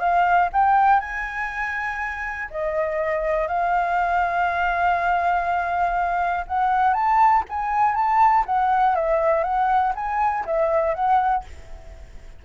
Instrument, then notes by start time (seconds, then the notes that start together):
flute
0.00 F5
0.53 G5
1.00 G#5
2.51 D#5
3.48 F5
6.47 F#5
6.94 A5
7.49 G#5
7.95 A5
8.46 F#5
8.95 E5
9.44 F#5
9.95 G#5
10.46 E5
10.95 F#5